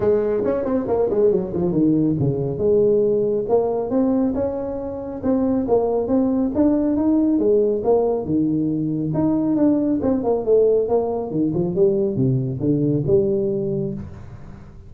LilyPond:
\new Staff \with { instrumentName = "tuba" } { \time 4/4 \tempo 4 = 138 gis4 cis'8 c'8 ais8 gis8 fis8 f8 | dis4 cis4 gis2 | ais4 c'4 cis'2 | c'4 ais4 c'4 d'4 |
dis'4 gis4 ais4 dis4~ | dis4 dis'4 d'4 c'8 ais8 | a4 ais4 dis8 f8 g4 | c4 d4 g2 | }